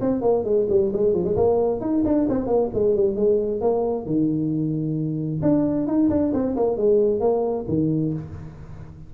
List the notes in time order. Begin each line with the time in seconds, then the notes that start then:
0.00 C4
0.21 A#3
0.44 G#3
0.69 G3
0.93 G#3
1.13 F3
1.24 G#3
1.36 A#3
1.80 D#4
2.05 D4
2.29 C4
2.46 A#3
2.74 G#3
2.95 G3
3.15 G#3
3.60 A#3
4.05 D#3
5.42 D4
5.87 D#4
6.10 D4
6.33 C4
6.56 A#3
6.77 G#3
7.20 A#3
7.68 D#3